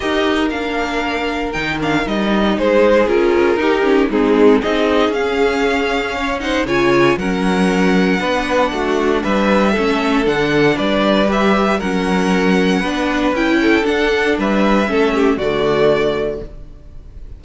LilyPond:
<<
  \new Staff \with { instrumentName = "violin" } { \time 4/4 \tempo 4 = 117 dis''4 f''2 g''8 f''8 | dis''4 c''4 ais'2 | gis'4 dis''4 f''2~ | f''8 fis''8 gis''4 fis''2~ |
fis''2 e''2 | fis''4 d''4 e''4 fis''4~ | fis''2 g''4 fis''4 | e''2 d''2 | }
  \new Staff \with { instrumentName = "violin" } { \time 4/4 ais'1~ | ais'4 gis'2 g'4 | dis'4 gis'2. | cis''8 c''8 cis''4 ais'2 |
b'4 fis'4 b'4 a'4~ | a'4 b'2 ais'4~ | ais'4 b'4. a'4. | b'4 a'8 g'8 fis'2 | }
  \new Staff \with { instrumentName = "viola" } { \time 4/4 g'4 d'2 dis'8 d'8 | dis'2 f'4 dis'8 cis'8 | c'4 dis'4 cis'2~ | cis'8 dis'8 f'4 cis'2 |
d'2. cis'4 | d'2 g'4 cis'4~ | cis'4 d'4 e'4 d'4~ | d'4 cis'4 a2 | }
  \new Staff \with { instrumentName = "cello" } { \time 4/4 dis'4 ais2 dis4 | g4 gis4 cis'4 dis'4 | gis4 c'4 cis'2~ | cis'4 cis4 fis2 |
b4 a4 g4 a4 | d4 g2 fis4~ | fis4 b4 cis'4 d'4 | g4 a4 d2 | }
>>